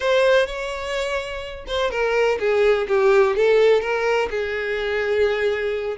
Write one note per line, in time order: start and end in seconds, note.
0.00 0.46 C5
0.46 1.65 C#5
1.67 1.90 C5
1.90 2.38 A#4
2.39 2.87 G#4
2.88 3.35 G4
3.36 3.81 A4
3.81 4.28 A#4
4.30 5.97 G#4